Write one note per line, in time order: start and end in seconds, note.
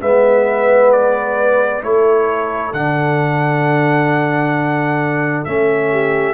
0.00 1.82 G#3
0.00 1.82 B3
0.00 1.82 B4
0.00 0.91 E5
0.91 1.82 D5
1.82 2.73 A3
1.82 2.73 E4
1.82 5.91 A4
1.82 2.73 C#5
2.73 5.45 D3
2.73 5.46 D4
2.73 5.44 F#5
5.44 6.34 A3
5.44 6.34 C#4
5.44 6.34 E5
5.91 6.34 G4